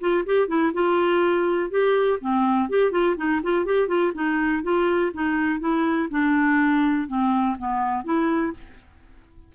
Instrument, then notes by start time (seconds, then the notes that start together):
clarinet
0.00 F4
0.25 G4
0.48 E4
0.73 F4
1.70 G4
2.20 C4
2.69 G4
2.92 F4
3.17 D#4
3.43 F4
3.65 G4
3.88 F4
4.14 D#4
4.63 F4
5.14 D#4
5.60 E4
6.11 D4
7.08 C4
7.58 B3
8.04 E4